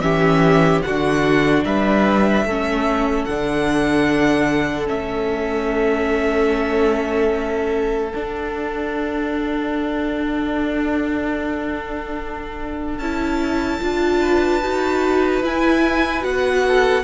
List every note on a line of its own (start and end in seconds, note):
0.00 0.81 E3
0.00 0.83 C#4
0.00 0.84 G4
0.00 0.81 E5
0.82 1.65 D3
0.82 2.48 D4
0.82 1.64 F#4
0.82 1.63 F#5
1.64 2.43 G3
1.64 2.45 B4
1.64 3.24 E5
2.43 3.24 A3
2.43 3.29 C#4
2.43 14.21 A4
3.24 4.89 D3
3.24 4.86 D4
3.24 4.86 F#5
4.86 8.13 A3
4.86 8.11 C#4
4.86 8.13 E5
8.13 13.01 D4
8.13 12.98 D4
8.13 12.99 F#5
12.98 13.79 C#4
12.98 13.81 E4
12.98 15.42 A5
13.81 14.62 D4
13.81 14.62 F4
14.21 16.64 B4
14.62 15.42 D#4
14.62 15.43 F#4
15.42 16.23 E4
15.42 16.21 E4
15.42 16.24 G#5
16.21 17.04 B3
16.21 17.02 F#4
16.21 17.04 F#5
16.68 17.04 A4